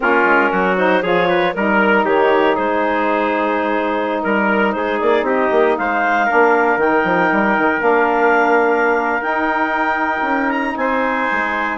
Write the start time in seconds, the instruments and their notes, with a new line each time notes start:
0.00 bassoon A#3, saxophone C#4, trumpet F4, clarinet A#4
0.24 bassoon G#3
0.51 bassoon F#3, trumpet F#4
0.76 saxophone D#4, clarinet C5
1.02 bassoon F3, saxophone F4, trumpet G#4, clarinet C#5
1.29 trumpet B4
1.54 bassoon G3, saxophone D#4, clarinet A#4, trumpet A#4
2.05 bassoon D#3, trumpet G4, clarinet C#5
2.55 bassoon G#3, trumpet G#4, clarinet C5
4.22 bassoon G3, clarinet A#4, trumpet A#4
4.72 bassoon G#3, trumpet G#4, clarinet C5
4.99 bassoon A#3, clarinet D5
5.22 bassoon C4, trumpet G4, clarinet D#5
5.51 bassoon A#3
5.77 bassoon G#3, trumpet C5, clarinet F5
6.26 saxophone D4, trumpet A#4
6.32 bassoon A#3
6.76 bassoon D#3, saxophone D#4, clarinet G5
7.04 bassoon F3
7.31 bassoon G3
7.57 bassoon D#3
7.79 bassoon A#3, saxophone D4, clarinet F5
9.21 bassoon D#4, saxophone D#4, clarinet G5
10.21 bassoon C#4
10.50 clarinet A#5
10.76 bassoon C4, trumpet C5, clarinet G#5
11.31 bassoon G#3